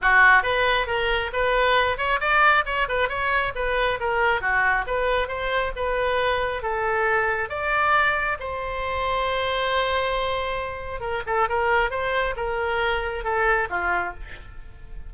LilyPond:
\new Staff \with { instrumentName = "oboe" } { \time 4/4 \tempo 4 = 136 fis'4 b'4 ais'4 b'4~ | b'8 cis''8 d''4 cis''8 b'8 cis''4 | b'4 ais'4 fis'4 b'4 | c''4 b'2 a'4~ |
a'4 d''2 c''4~ | c''1~ | c''4 ais'8 a'8 ais'4 c''4 | ais'2 a'4 f'4 | }